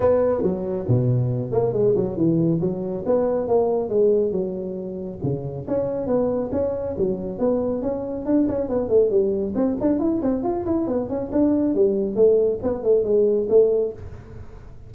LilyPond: \new Staff \with { instrumentName = "tuba" } { \time 4/4 \tempo 4 = 138 b4 fis4 b,4. ais8 | gis8 fis8 e4 fis4 b4 | ais4 gis4 fis2 | cis4 cis'4 b4 cis'4 |
fis4 b4 cis'4 d'8 cis'8 | b8 a8 g4 c'8 d'8 e'8 c'8 | f'8 e'8 b8 cis'8 d'4 g4 | a4 b8 a8 gis4 a4 | }